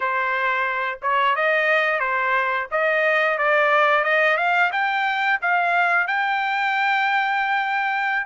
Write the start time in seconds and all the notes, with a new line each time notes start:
0.00 C5
1.01 C#5
1.35 D#5
1.99 C5
2.71 D#5
3.38 D5
4.04 D#5
4.37 F5
4.72 G5
5.41 F5
6.07 G5